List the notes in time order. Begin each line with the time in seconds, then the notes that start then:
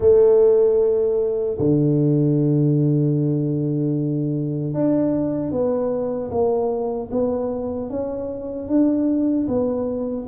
0.00 A3
1.58 D3
4.73 D4
5.51 B3
6.31 A#3
7.11 B3
7.89 C#4
8.68 D4
9.47 B3